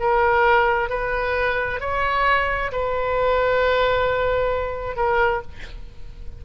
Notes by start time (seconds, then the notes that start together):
0.00 A#4
0.90 B4
1.81 C#5
2.72 B4
4.97 A#4